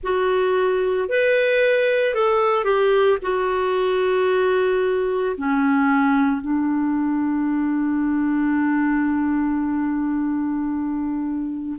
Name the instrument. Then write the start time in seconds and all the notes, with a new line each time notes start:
clarinet
0.03 F#4
1.08 B4
2.14 A4
2.64 G4
3.21 F#4
5.37 C#4
6.41 D4